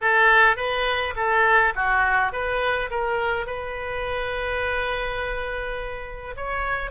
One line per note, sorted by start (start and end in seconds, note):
0.01 0.56 A4
0.56 1.14 B4
1.15 1.73 A4
1.75 2.32 F#4
2.32 2.90 B4
2.90 3.46 A#4
3.46 6.35 B4
6.36 6.91 C#5